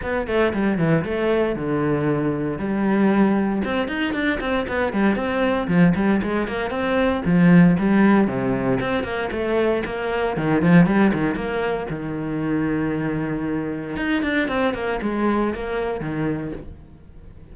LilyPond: \new Staff \with { instrumentName = "cello" } { \time 4/4 \tempo 4 = 116 b8 a8 g8 e8 a4 d4~ | d4 g2 c'8 dis'8 | d'8 c'8 b8 g8 c'4 f8 g8 | gis8 ais8 c'4 f4 g4 |
c4 c'8 ais8 a4 ais4 | dis8 f8 g8 dis8 ais4 dis4~ | dis2. dis'8 d'8 | c'8 ais8 gis4 ais4 dis4 | }